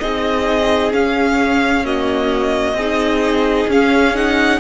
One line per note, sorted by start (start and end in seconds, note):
0.00 0.93 C4
0.00 0.92 D#4
0.00 1.85 G#4
0.00 0.92 D#5
0.92 1.84 C#4
0.92 2.73 C#4
0.92 1.86 F5
1.85 2.77 A#3
1.85 2.77 F#4
1.85 3.70 D#5
2.73 3.65 C4
2.73 4.60 G#4
2.80 3.71 D#4
3.68 4.60 C#4
3.68 4.15 C#4
3.68 4.16 F5
4.15 4.60 D#4
4.15 4.60 F#5